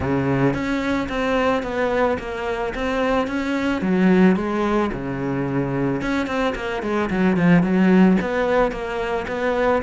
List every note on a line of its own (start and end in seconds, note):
0.00 0.53 C#3
0.53 1.08 C#4
1.09 1.62 C4
1.62 2.17 B3
2.18 2.73 A#3
2.74 3.27 C4
3.27 3.81 C#4
3.81 4.36 F#3
4.36 4.90 G#3
4.92 6.01 C#3
6.01 6.27 C#4
6.27 6.54 C4
6.55 6.82 A#3
6.82 7.09 G#3
7.10 7.37 F#3
7.37 7.62 F3
7.62 8.17 F#3
8.21 8.71 B3
8.71 9.26 A#3
9.27 9.82 B3